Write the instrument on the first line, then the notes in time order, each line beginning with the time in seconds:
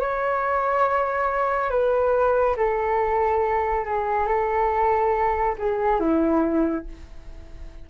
flute
0.00 C#5
1.70 B4
2.57 A4
3.85 G#4
4.27 A4
5.58 G#4
6.00 E4